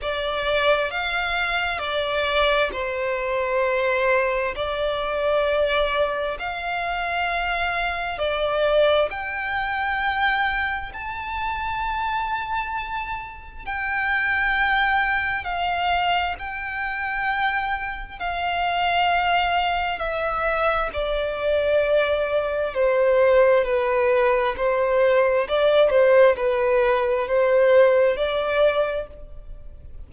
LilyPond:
\new Staff \with { instrumentName = "violin" } { \time 4/4 \tempo 4 = 66 d''4 f''4 d''4 c''4~ | c''4 d''2 f''4~ | f''4 d''4 g''2 | a''2. g''4~ |
g''4 f''4 g''2 | f''2 e''4 d''4~ | d''4 c''4 b'4 c''4 | d''8 c''8 b'4 c''4 d''4 | }